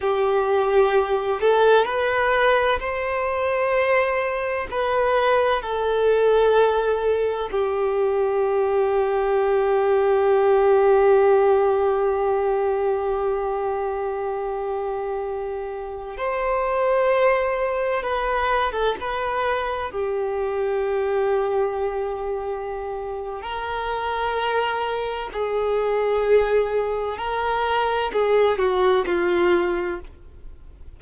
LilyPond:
\new Staff \with { instrumentName = "violin" } { \time 4/4 \tempo 4 = 64 g'4. a'8 b'4 c''4~ | c''4 b'4 a'2 | g'1~ | g'1~ |
g'4~ g'16 c''2 b'8. | a'16 b'4 g'2~ g'8.~ | g'4 ais'2 gis'4~ | gis'4 ais'4 gis'8 fis'8 f'4 | }